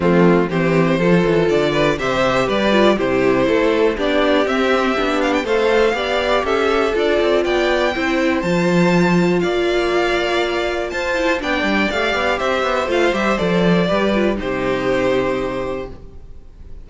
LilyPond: <<
  \new Staff \with { instrumentName = "violin" } { \time 4/4 \tempo 4 = 121 f'4 c''2 d''4 | e''4 d''4 c''2 | d''4 e''4. f''16 g''16 f''4~ | f''4 e''4 d''4 g''4~ |
g''4 a''2 f''4~ | f''2 a''4 g''4 | f''4 e''4 f''8 e''8 d''4~ | d''4 c''2. | }
  \new Staff \with { instrumentName = "violin" } { \time 4/4 c'4 g'4 a'4. b'8 | c''4 b'4 g'4 a'4 | g'2. c''4 | d''4 a'2 d''4 |
c''2. d''4~ | d''2 c''4 d''4~ | d''4 c''2. | b'4 g'2. | }
  \new Staff \with { instrumentName = "viola" } { \time 4/4 a4 c'4 f'2 | g'4. f'8 e'2 | d'4 c'4 d'4 a'4 | g'2 f'2 |
e'4 f'2.~ | f'2~ f'8 e'8 d'4 | g'2 f'8 g'8 a'4 | g'8 f'8 dis'2. | }
  \new Staff \with { instrumentName = "cello" } { \time 4/4 f4 e4 f8 e8 d4 | c4 g4 c4 a4 | b4 c'4 b4 a4 | b4 cis'4 d'8 c'8 b4 |
c'4 f2 ais4~ | ais2 f'4 b8 g8 | a8 b8 c'8 b8 a8 g8 f4 | g4 c2. | }
>>